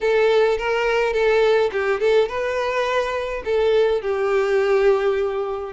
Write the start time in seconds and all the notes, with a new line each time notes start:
0.01 A4
0.58 A#4
1.13 A4
1.71 G4
2.00 A4
2.28 B4
3.44 A4
4.01 G4